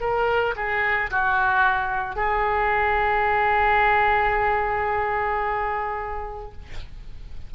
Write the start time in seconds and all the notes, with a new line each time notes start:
0.00 A#4
0.56 G#4
1.11 F#4
2.15 G#4